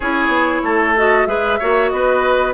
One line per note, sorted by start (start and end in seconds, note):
0.00 0.27 C#4
0.00 0.97 E4
0.00 0.62 G#4
0.00 0.96 C#5
0.27 0.59 B3
0.63 1.26 A3
0.63 1.28 A4
0.97 1.27 F#4
0.97 1.26 D#5
1.26 1.58 G#3
1.26 1.59 G#4
1.26 1.59 B4
1.26 1.89 E5
1.59 1.91 A#3
1.59 2.54 F#4
1.59 1.91 C#5
1.89 2.54 B3
1.89 2.54 B4
1.89 2.53 D#5